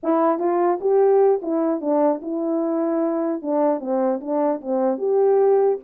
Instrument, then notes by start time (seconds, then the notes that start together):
horn
0.03 E4
0.39 F4
0.80 G4
1.42 E4
1.80 D4
2.21 E4
3.41 D4
3.79 C4
4.21 D4
4.61 C4
4.98 G4